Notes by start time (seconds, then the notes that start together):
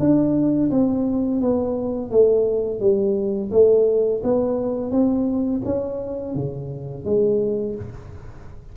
0.00 D4
0.71 C4
1.41 B3
2.11 A3
2.80 G3
3.52 A3
4.24 B3
4.91 C4
5.65 C#4
6.35 C#3
7.05 G#3